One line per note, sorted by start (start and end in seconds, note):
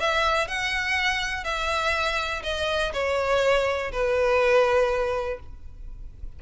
0.00 0.48 E5
0.48 1.44 F#5
1.44 2.43 E5
2.43 2.92 D#5
2.93 3.92 C#5
3.92 5.40 B4